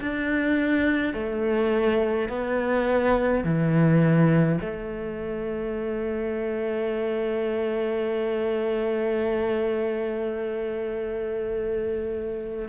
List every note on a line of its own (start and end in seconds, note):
0.00 1.13 D4
1.13 2.28 A3
2.28 3.44 B3
3.44 4.59 E3
4.60 12.68 A3